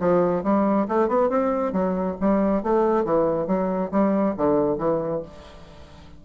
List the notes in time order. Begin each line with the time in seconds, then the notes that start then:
0.00 F3
0.44 G3
0.89 A3
1.08 B3
1.30 C4
1.73 F#3
2.21 G3
2.64 A3
3.05 E3
3.47 F#3
3.92 G3
4.37 D3
4.79 E3